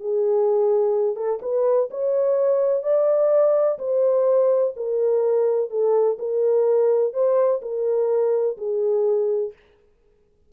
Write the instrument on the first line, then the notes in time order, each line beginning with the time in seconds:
horn
0.00 G#4
1.16 A4
1.42 B4
1.91 C#5
2.83 D5
3.79 C5
4.77 A#4
5.71 A4
6.19 A#4
7.14 C5
7.62 A#4
8.58 G#4